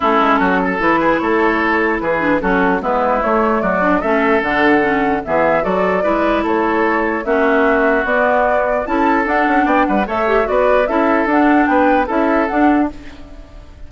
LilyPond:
<<
  \new Staff \with { instrumentName = "flute" } { \time 4/4 \tempo 4 = 149 a'2 b'4 cis''4~ | cis''4 b'4 a'4 b'4 | cis''4 d''4 e''4 fis''4~ | fis''4 e''4 d''2 |
cis''2 e''2 | d''2 a''4 fis''4 | g''8 fis''8 e''4 d''4 e''4 | fis''4 g''4 e''4 fis''4 | }
  \new Staff \with { instrumentName = "oboe" } { \time 4/4 e'4 fis'8 a'4 gis'8 a'4~ | a'4 gis'4 fis'4 e'4~ | e'4 fis'4 a'2~ | a'4 gis'4 a'4 b'4 |
a'2 fis'2~ | fis'2 a'2 | d''8 b'8 cis''4 b'4 a'4~ | a'4 b'4 a'2 | }
  \new Staff \with { instrumentName = "clarinet" } { \time 4/4 cis'2 e'2~ | e'4. d'8 cis'4 b4 | a4. d'8 cis'4 d'4 | cis'4 b4 fis'4 e'4~ |
e'2 cis'2 | b2 e'4 d'4~ | d'4 a'8 g'8 fis'4 e'4 | d'2 e'4 d'4 | }
  \new Staff \with { instrumentName = "bassoon" } { \time 4/4 a8 gis8 fis4 e4 a4~ | a4 e4 fis4 gis4 | a4 fis4 a4 d4~ | d4 e4 fis4 gis4 |
a2 ais2 | b2 cis'4 d'8 cis'8 | b8 g8 a4 b4 cis'4 | d'4 b4 cis'4 d'4 | }
>>